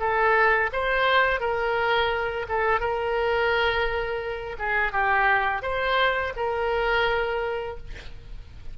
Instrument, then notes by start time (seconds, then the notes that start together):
oboe
0.00 A4
0.73 C5
1.41 A#4
2.49 A4
2.80 A#4
4.59 G#4
4.92 G4
5.62 C5
6.37 A#4